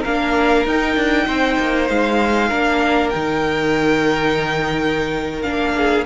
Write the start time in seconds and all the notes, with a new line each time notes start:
0.00 A#3 A#4 F5
0.07 D4
0.66 D#4 G5
0.96 D4
1.27 C4 C5
1.59 A#3
1.89 G#3 F5
2.48 A#3 D4 A#4
3.10 D#3 D#4 G5
5.42 A#3 D4 F5
5.77 G#4